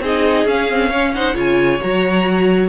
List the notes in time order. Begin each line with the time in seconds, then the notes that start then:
0.00 C4 D#4 G#4 D#5
0.45 C#4 F5
0.69 C4
0.89 C#4 C#5
1.14 D#4 C5 F#5
1.34 C#3 F4 C#5 G#5
1.80 F#3 F#4 A#5